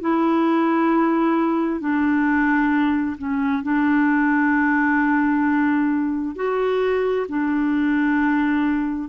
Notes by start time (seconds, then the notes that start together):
0.00 E4
1.80 D4
3.17 C#4
3.63 D4
6.35 F#4
7.28 D4